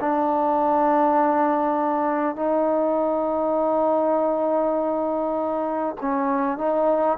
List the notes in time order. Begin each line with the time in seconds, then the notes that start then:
0.00 D4
2.36 D#4
6.01 C#4
6.58 D#4